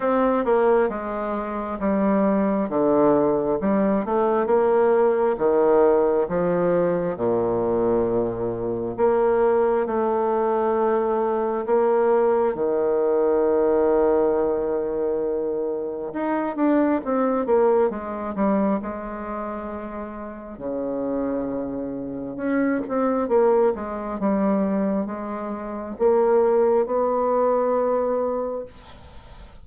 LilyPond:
\new Staff \with { instrumentName = "bassoon" } { \time 4/4 \tempo 4 = 67 c'8 ais8 gis4 g4 d4 | g8 a8 ais4 dis4 f4 | ais,2 ais4 a4~ | a4 ais4 dis2~ |
dis2 dis'8 d'8 c'8 ais8 | gis8 g8 gis2 cis4~ | cis4 cis'8 c'8 ais8 gis8 g4 | gis4 ais4 b2 | }